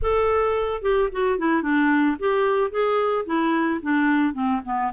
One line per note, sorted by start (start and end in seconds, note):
0.01 0.82 A4
0.82 1.09 G4
1.12 1.38 F#4
1.38 1.62 E4
1.62 2.16 D4
2.19 2.70 G4
2.70 3.25 G#4
3.25 3.80 E4
3.82 4.33 D4
4.33 4.60 C4
4.64 4.92 B3